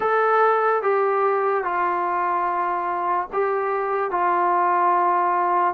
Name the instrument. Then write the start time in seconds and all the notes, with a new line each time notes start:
trombone
0.00 A4
0.82 G4
1.64 F4
3.33 G4
4.10 F4